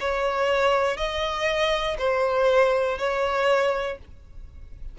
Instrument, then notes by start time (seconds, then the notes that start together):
violin
0.00 C#5
0.97 D#5
1.98 C5
2.98 C#5